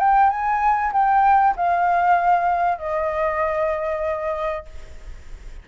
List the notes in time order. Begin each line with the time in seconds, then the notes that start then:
0.00 G5
0.30 G#5
0.93 G5
1.57 F5
2.79 D#5